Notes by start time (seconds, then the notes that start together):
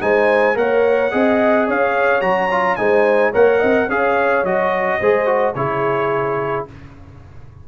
0.00 G#3 D#4 C5 G#5
0.54 A#3 A#4 C#5 F#5
1.11 C4 G#4 D#5
1.67 C#4 C#5 F5
2.21 F#3 F#4 A#5
2.51 F4
2.76 G#3 D#4 C5 G#5
3.32 A#3 A#4 C#5 F#5
3.59 C4 D#5
3.89 C#4 G#4 C#5 F5
4.43 F#3 F#4 D#5
5.00 G#3 G#4 C5
5.26 F#4
5.54 C#3 E4 G#4 C#5